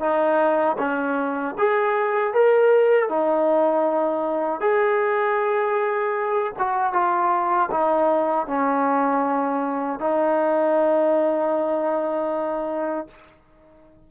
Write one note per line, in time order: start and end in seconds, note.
0.00 0.77 D#4
0.78 1.55 C#4
1.58 2.34 G#4
2.34 3.09 A#4
3.09 4.61 D#4
4.61 6.53 G#4
6.59 6.93 F#4
6.93 7.70 F4
7.71 8.47 D#4
8.47 10.00 C#4
10.00 13.07 D#4